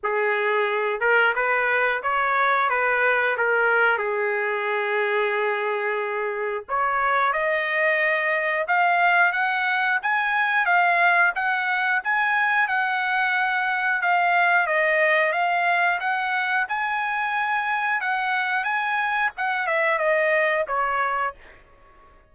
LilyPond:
\new Staff \with { instrumentName = "trumpet" } { \time 4/4 \tempo 4 = 90 gis'4. ais'8 b'4 cis''4 | b'4 ais'4 gis'2~ | gis'2 cis''4 dis''4~ | dis''4 f''4 fis''4 gis''4 |
f''4 fis''4 gis''4 fis''4~ | fis''4 f''4 dis''4 f''4 | fis''4 gis''2 fis''4 | gis''4 fis''8 e''8 dis''4 cis''4 | }